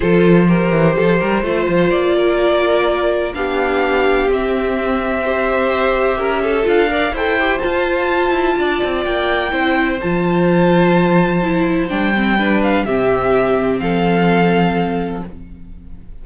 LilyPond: <<
  \new Staff \with { instrumentName = "violin" } { \time 4/4 \tempo 4 = 126 c''1 | d''2. f''4~ | f''4 e''2.~ | e''2 f''4 g''4 |
a''2. g''4~ | g''4 a''2.~ | a''4 g''4. f''8 e''4~ | e''4 f''2. | }
  \new Staff \with { instrumentName = "violin" } { \time 4/4 a'4 ais'4 a'8 ais'8 c''4~ | c''8 ais'2~ ais'8 g'4~ | g'2. c''4~ | c''4 ais'8 a'4 d''8 c''4~ |
c''2 d''2 | c''1~ | c''2 b'4 g'4~ | g'4 a'2. | }
  \new Staff \with { instrumentName = "viola" } { \time 4/4 f'4 g'2 f'4~ | f'2. d'4~ | d'4 c'2 g'4~ | g'2 f'8 ais'8 a'8 g'8 |
f'1 | e'4 f'2. | e'4 d'8 c'8 d'4 c'4~ | c'1 | }
  \new Staff \with { instrumentName = "cello" } { \time 4/4 f4. e8 f8 g8 a8 f8 | ais2. b4~ | b4 c'2.~ | c'4 cis'4 d'4 e'4 |
f'4. e'8 d'8 c'8 ais4 | c'4 f2.~ | f4 g2 c4~ | c4 f2. | }
>>